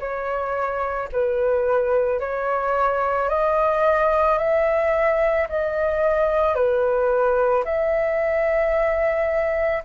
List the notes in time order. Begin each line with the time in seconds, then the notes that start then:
0.00 C#5
1.13 B4
2.20 C#5
3.29 D#5
4.38 E5
5.49 D#5
6.55 B4
7.65 E5